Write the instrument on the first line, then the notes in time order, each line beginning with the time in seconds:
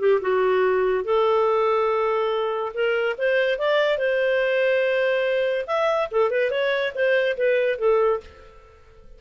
clarinet
0.00 G4
0.22 F#4
1.05 A4
2.74 A#4
3.18 C5
3.59 D5
3.98 C5
5.67 E5
6.12 A4
6.31 B4
6.51 C#5
6.95 C5
7.38 B4
7.79 A4